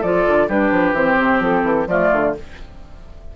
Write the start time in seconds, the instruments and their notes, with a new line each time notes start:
0.00 bassoon F3, clarinet F4, oboe A4, flute D5
0.27 bassoon D3
0.48 bassoon G3, clarinet D4, oboe G4, flute B4
0.71 bassoon F3
0.92 bassoon E3, clarinet C4, flute C5
1.20 bassoon C3
1.39 bassoon F3, flute A4
1.63 bassoon E3
1.87 bassoon F3, clarinet A3, oboe F4, flute D5
2.12 bassoon D3